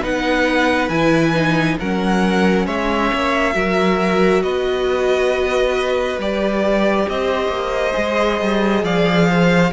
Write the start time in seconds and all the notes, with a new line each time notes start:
0.00 B3 D#4 B4 F#5
0.89 E3 E4 G#5
1.34 D#4
1.79 F#3 C#4 A#4 F#5
2.65 G#3 C#5 E5
3.13 A#3
3.53 F#3 F#4 A#4
4.42 B3 B4 D#5
6.18 G3 G4 D5
7.09 C4 C5 D#5
7.48 A#3
7.93 G#3 G#4
8.40 G3
8.83 F3 D5 F5
9.28 C5